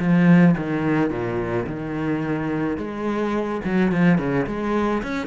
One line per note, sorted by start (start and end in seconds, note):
0.00 0.56 F3
0.58 1.11 D#3
1.11 1.66 A#2
1.67 2.78 D#3
2.78 3.61 G#3
3.65 3.92 F#3
3.92 4.19 F3
4.19 4.46 C#3
4.47 5.03 G#3
5.03 5.28 C#4